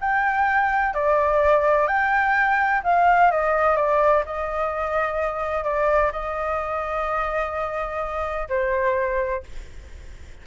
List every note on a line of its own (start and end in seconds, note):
0.00 0.94 G5
0.94 1.87 D5
1.87 2.81 G5
2.84 3.31 F5
3.31 3.76 D#5
3.76 4.23 D5
4.25 5.64 D#5
5.64 6.11 D5
6.12 8.48 D#5
8.49 9.43 C5